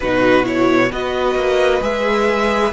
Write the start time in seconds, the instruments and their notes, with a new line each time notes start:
0.00 cello B2, viola D#4, violin F#4 B4
0.43 viola E4, violin C#5
0.91 cello B3, viola F#4, violin B4 D#5
1.35 cello A#3
1.81 cello G#3, viola G#4, violin E5